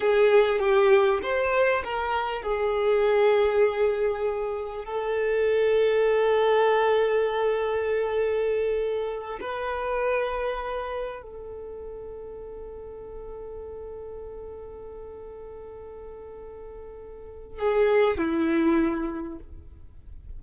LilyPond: \new Staff \with { instrumentName = "violin" } { \time 4/4 \tempo 4 = 99 gis'4 g'4 c''4 ais'4 | gis'1 | a'1~ | a'2.~ a'8 b'8~ |
b'2~ b'8 a'4.~ | a'1~ | a'1~ | a'4 gis'4 e'2 | }